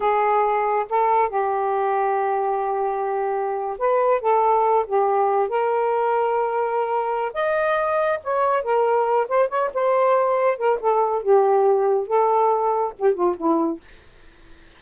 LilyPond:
\new Staff \with { instrumentName = "saxophone" } { \time 4/4 \tempo 4 = 139 gis'2 a'4 g'4~ | g'1~ | g'8. b'4 a'4. g'8.~ | g'8. ais'2.~ ais'16~ |
ais'4 dis''2 cis''4 | ais'4. c''8 cis''8 c''4.~ | c''8 ais'8 a'4 g'2 | a'2 g'8 f'8 e'4 | }